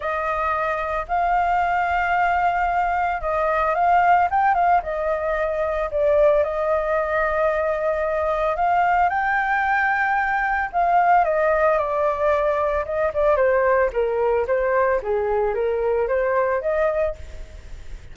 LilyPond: \new Staff \with { instrumentName = "flute" } { \time 4/4 \tempo 4 = 112 dis''2 f''2~ | f''2 dis''4 f''4 | g''8 f''8 dis''2 d''4 | dis''1 |
f''4 g''2. | f''4 dis''4 d''2 | dis''8 d''8 c''4 ais'4 c''4 | gis'4 ais'4 c''4 dis''4 | }